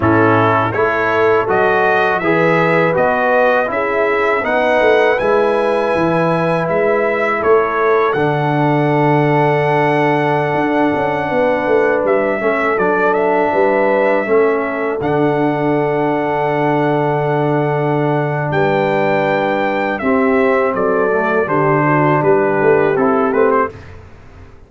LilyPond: <<
  \new Staff \with { instrumentName = "trumpet" } { \time 4/4 \tempo 4 = 81 a'4 cis''4 dis''4 e''4 | dis''4 e''4 fis''4 gis''4~ | gis''4 e''4 cis''4 fis''4~ | fis''1~ |
fis''16 e''4 d''8 e''2~ e''16~ | e''16 fis''2.~ fis''8.~ | fis''4 g''2 e''4 | d''4 c''4 b'4 a'8 b'16 c''16 | }
  \new Staff \with { instrumentName = "horn" } { \time 4/4 e'4 a'2 b'4~ | b'4 gis'4 b'2~ | b'2 a'2~ | a'2.~ a'16 b'8.~ |
b'8. a'4. b'4 a'8.~ | a'1~ | a'4 b'2 g'4 | a'4 g'8 fis'8 g'2 | }
  \new Staff \with { instrumentName = "trombone" } { \time 4/4 cis'4 e'4 fis'4 gis'4 | fis'4 e'4 dis'4 e'4~ | e'2. d'4~ | d'1~ |
d'8. cis'8 d'2 cis'8.~ | cis'16 d'2.~ d'8.~ | d'2. c'4~ | c'8 a8 d'2 e'8 c'8 | }
  \new Staff \with { instrumentName = "tuba" } { \time 4/4 a,4 a4 fis4 e4 | b4 cis'4 b8 a8 gis4 | e4 gis4 a4 d4~ | d2~ d16 d'8 cis'8 b8 a16~ |
a16 g8 a8 fis4 g4 a8.~ | a16 d2.~ d8.~ | d4 g2 c'4 | fis4 d4 g8 a8 c'8 a8 | }
>>